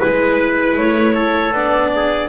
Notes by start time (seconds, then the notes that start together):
0.00 G#3 E4 B4
0.78 A3 C#5
1.15 A4
1.53 B3 D4 D5
1.96 G#4